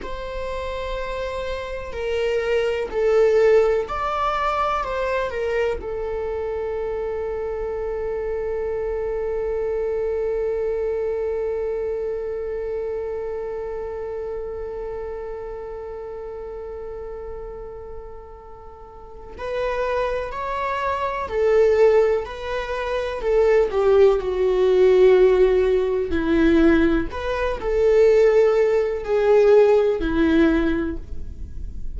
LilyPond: \new Staff \with { instrumentName = "viola" } { \time 4/4 \tempo 4 = 62 c''2 ais'4 a'4 | d''4 c''8 ais'8 a'2~ | a'1~ | a'1~ |
a'1 | b'4 cis''4 a'4 b'4 | a'8 g'8 fis'2 e'4 | b'8 a'4. gis'4 e'4 | }